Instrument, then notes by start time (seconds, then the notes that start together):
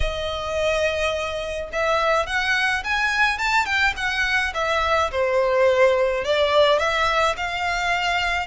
violin
0.00 D#5
1.72 E5
2.26 F#5
2.84 G#5
3.38 A5
3.65 G5
3.96 F#5
4.54 E5
5.11 C5
6.24 D5
6.78 E5
7.37 F5